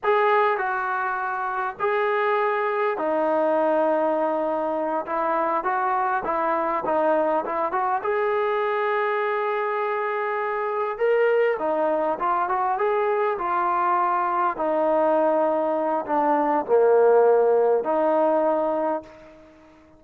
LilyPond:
\new Staff \with { instrumentName = "trombone" } { \time 4/4 \tempo 4 = 101 gis'4 fis'2 gis'4~ | gis'4 dis'2.~ | dis'8 e'4 fis'4 e'4 dis'8~ | dis'8 e'8 fis'8 gis'2~ gis'8~ |
gis'2~ gis'8 ais'4 dis'8~ | dis'8 f'8 fis'8 gis'4 f'4.~ | f'8 dis'2~ dis'8 d'4 | ais2 dis'2 | }